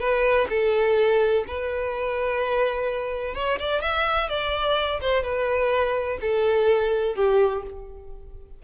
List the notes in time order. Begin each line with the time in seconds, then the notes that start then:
0.00 B4
0.50 A4
1.48 B4
3.35 C#5
3.59 D5
3.81 E5
4.29 D5
5.01 C5
5.23 B4
6.21 A4
7.16 G4